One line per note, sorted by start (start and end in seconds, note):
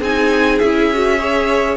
0.00 0.60 C4
0.00 0.63 D#4
0.00 1.18 G#4
0.00 0.58 G#5
0.58 1.76 C#4
0.58 0.93 E4
0.58 1.76 E5
0.93 1.18 F#4
1.18 1.76 G#4
1.18 1.76 C#5